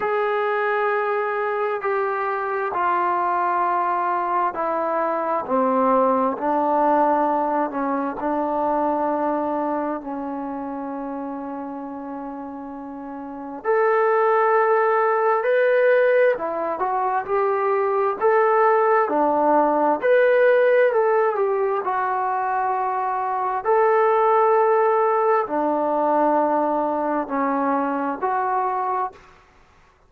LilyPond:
\new Staff \with { instrumentName = "trombone" } { \time 4/4 \tempo 4 = 66 gis'2 g'4 f'4~ | f'4 e'4 c'4 d'4~ | d'8 cis'8 d'2 cis'4~ | cis'2. a'4~ |
a'4 b'4 e'8 fis'8 g'4 | a'4 d'4 b'4 a'8 g'8 | fis'2 a'2 | d'2 cis'4 fis'4 | }